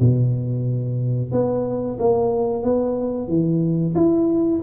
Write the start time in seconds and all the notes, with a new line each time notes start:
0.00 B2
1.32 B3
2.00 A#3
2.63 B3
3.28 E3
3.95 E4